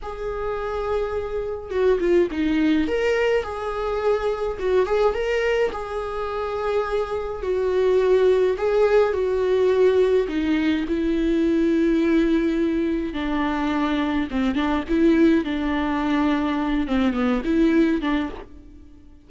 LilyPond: \new Staff \with { instrumentName = "viola" } { \time 4/4 \tempo 4 = 105 gis'2. fis'8 f'8 | dis'4 ais'4 gis'2 | fis'8 gis'8 ais'4 gis'2~ | gis'4 fis'2 gis'4 |
fis'2 dis'4 e'4~ | e'2. d'4~ | d'4 c'8 d'8 e'4 d'4~ | d'4. c'8 b8 e'4 d'8 | }